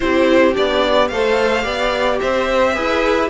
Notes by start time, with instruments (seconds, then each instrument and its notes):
0.00 cello C4, viola E4, violin G4 C5
0.53 cello B3, viola D4, violin D5
1.08 cello A3, viola A4, violin C5 F5
1.62 cello B3, viola G4, violin D5
2.20 cello C4, violin C5 E5
2.74 cello E4, viola G#4, violin B4